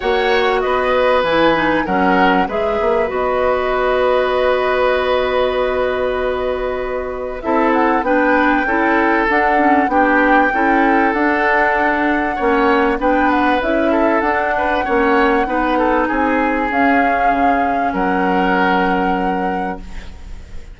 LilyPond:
<<
  \new Staff \with { instrumentName = "flute" } { \time 4/4 \tempo 4 = 97 fis''4 dis''4 gis''4 fis''4 | e''4 dis''2.~ | dis''1 | e''8 fis''8 g''2 fis''4 |
g''2 fis''2~ | fis''4 g''8 fis''8 e''4 fis''4~ | fis''2 gis''4 f''4~ | f''4 fis''2. | }
  \new Staff \with { instrumentName = "oboe" } { \time 4/4 cis''4 b'2 ais'4 | b'1~ | b'1 | a'4 b'4 a'2 |
g'4 a'2. | cis''4 b'4. a'4 b'8 | cis''4 b'8 a'8 gis'2~ | gis'4 ais'2. | }
  \new Staff \with { instrumentName = "clarinet" } { \time 4/4 fis'2 e'8 dis'8 cis'4 | gis'4 fis'2.~ | fis'1 | e'4 d'4 e'4 d'8 cis'8 |
d'4 e'4 d'2 | cis'4 d'4 e'4 d'4 | cis'4 dis'2 cis'4~ | cis'1 | }
  \new Staff \with { instrumentName = "bassoon" } { \time 4/4 ais4 b4 e4 fis4 | gis8 ais8 b2.~ | b1 | c'4 b4 cis'4 d'4 |
b4 cis'4 d'2 | ais4 b4 cis'4 d'4 | ais4 b4 c'4 cis'4 | cis4 fis2. | }
>>